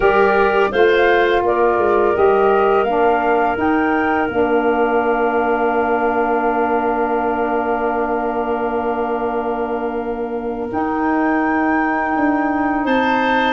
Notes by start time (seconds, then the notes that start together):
0.00 G3 G4 A#4 D5
0.71 A3 F4 C5 F5
1.42 A#3 A#4 D5
1.77 G#3
2.14 G3 G4 D#5
2.83 A#3 D4 F5
3.56 D#4 G5
4.27 A#3 D4 F5
10.69 D#4 G5
12.16 D4
12.85 C4 C5 A5